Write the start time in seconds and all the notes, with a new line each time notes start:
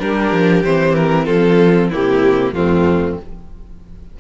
0.00 G3 D4 G4 A#4
0.32 F3
0.64 E3 C4 C5
0.95 A#4
1.25 F3 F4 A4
1.90 C3 A#3 E4 G4
2.53 F2 A3 C4 F4